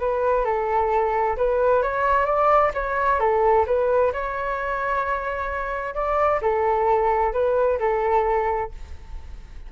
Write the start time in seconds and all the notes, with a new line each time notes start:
0.00 B4
0.45 A4
1.37 B4
1.83 C#5
2.26 D5
2.74 C#5
3.20 A4
3.67 B4
4.13 C#5
5.95 D5
6.42 A4
7.33 B4
7.80 A4